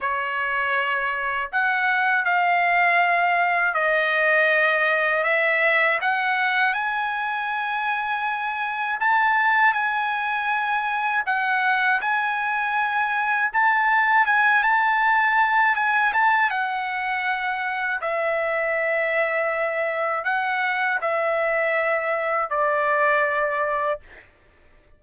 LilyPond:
\new Staff \with { instrumentName = "trumpet" } { \time 4/4 \tempo 4 = 80 cis''2 fis''4 f''4~ | f''4 dis''2 e''4 | fis''4 gis''2. | a''4 gis''2 fis''4 |
gis''2 a''4 gis''8 a''8~ | a''4 gis''8 a''8 fis''2 | e''2. fis''4 | e''2 d''2 | }